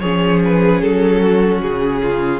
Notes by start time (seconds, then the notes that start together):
0.00 F3 C#4 G#4 C#5
0.45 B4
0.82 F#3 A4
1.22 F#4
1.62 C#3 G#4
2.02 F4